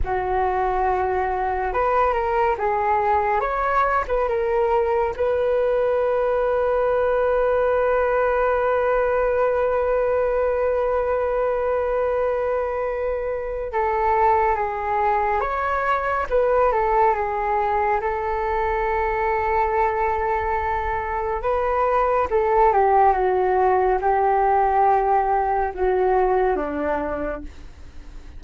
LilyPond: \new Staff \with { instrumentName = "flute" } { \time 4/4 \tempo 4 = 70 fis'2 b'8 ais'8 gis'4 | cis''8. b'16 ais'4 b'2~ | b'1~ | b'1 |
a'4 gis'4 cis''4 b'8 a'8 | gis'4 a'2.~ | a'4 b'4 a'8 g'8 fis'4 | g'2 fis'4 d'4 | }